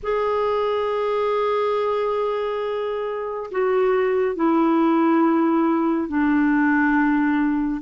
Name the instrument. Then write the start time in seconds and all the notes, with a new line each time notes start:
clarinet
0.02 G#4
3.51 F#4
4.35 E4
6.08 D4